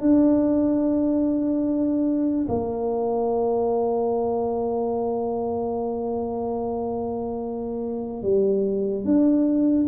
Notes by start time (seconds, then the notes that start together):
0.00 D4
2.48 A#3
8.22 G3
9.04 D4